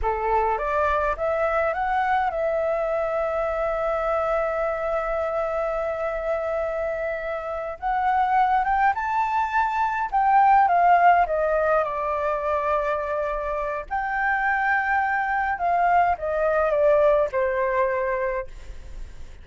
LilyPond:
\new Staff \with { instrumentName = "flute" } { \time 4/4 \tempo 4 = 104 a'4 d''4 e''4 fis''4 | e''1~ | e''1~ | e''4. fis''4. g''8 a''8~ |
a''4. g''4 f''4 dis''8~ | dis''8 d''2.~ d''8 | g''2. f''4 | dis''4 d''4 c''2 | }